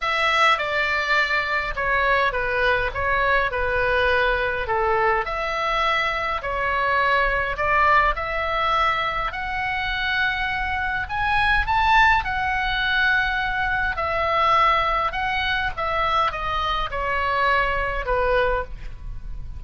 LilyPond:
\new Staff \with { instrumentName = "oboe" } { \time 4/4 \tempo 4 = 103 e''4 d''2 cis''4 | b'4 cis''4 b'2 | a'4 e''2 cis''4~ | cis''4 d''4 e''2 |
fis''2. gis''4 | a''4 fis''2. | e''2 fis''4 e''4 | dis''4 cis''2 b'4 | }